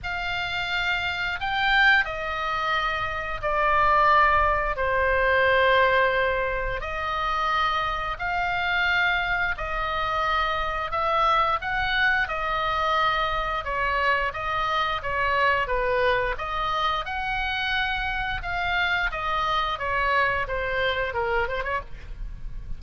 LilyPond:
\new Staff \with { instrumentName = "oboe" } { \time 4/4 \tempo 4 = 88 f''2 g''4 dis''4~ | dis''4 d''2 c''4~ | c''2 dis''2 | f''2 dis''2 |
e''4 fis''4 dis''2 | cis''4 dis''4 cis''4 b'4 | dis''4 fis''2 f''4 | dis''4 cis''4 c''4 ais'8 c''16 cis''16 | }